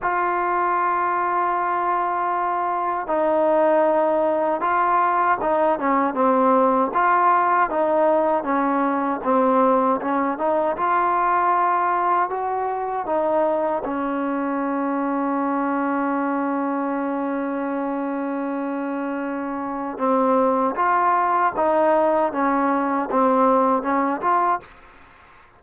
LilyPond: \new Staff \with { instrumentName = "trombone" } { \time 4/4 \tempo 4 = 78 f'1 | dis'2 f'4 dis'8 cis'8 | c'4 f'4 dis'4 cis'4 | c'4 cis'8 dis'8 f'2 |
fis'4 dis'4 cis'2~ | cis'1~ | cis'2 c'4 f'4 | dis'4 cis'4 c'4 cis'8 f'8 | }